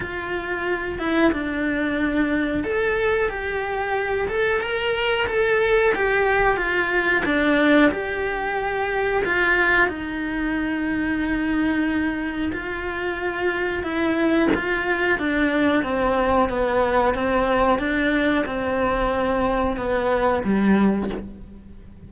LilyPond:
\new Staff \with { instrumentName = "cello" } { \time 4/4 \tempo 4 = 91 f'4. e'8 d'2 | a'4 g'4. a'8 ais'4 | a'4 g'4 f'4 d'4 | g'2 f'4 dis'4~ |
dis'2. f'4~ | f'4 e'4 f'4 d'4 | c'4 b4 c'4 d'4 | c'2 b4 g4 | }